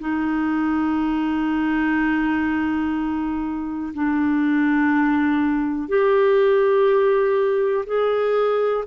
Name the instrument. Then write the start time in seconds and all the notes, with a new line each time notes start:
clarinet
0.00 D#4
3.94 D4
5.88 G4
7.86 G#4